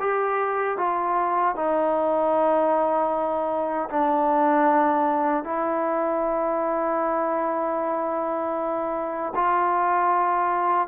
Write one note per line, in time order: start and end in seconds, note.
0.00 0.78 G4
0.78 1.55 F4
1.55 3.89 D#4
3.90 5.44 D4
5.44 9.34 E4
9.35 10.88 F4